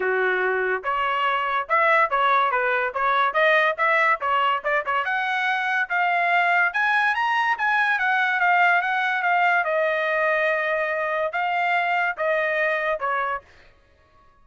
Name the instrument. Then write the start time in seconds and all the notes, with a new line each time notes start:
trumpet
0.00 F#4
0.83 C#5
1.68 E5
2.10 C#5
2.51 B4
2.94 C#5
3.33 D#5
3.77 E5
4.20 C#5
4.63 D5
4.85 C#5
5.04 F#5
5.89 F5
6.73 G#5
7.15 A#5
7.58 G#5
7.98 F#5
8.40 F5
8.81 F#5
9.22 F5
9.64 D#5
11.32 F5
12.17 D#5
12.99 C#5